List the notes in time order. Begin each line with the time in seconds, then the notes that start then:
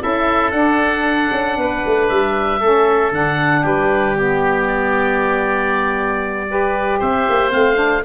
0.00 C#4 E4 A4 E5
0.52 D4 F#5
1.32 C#4
1.58 B3 B4
1.86 A3
2.09 G3 E5
2.60 A3 C#4 A4
3.12 D3 D4 F#5
3.61 G3 G4 B4
4.15 B3 G4
4.68 D5
6.48 G4 B4
6.99 C4 C5 E5
7.29 A#3
7.50 A3 C4 F5
7.76 D4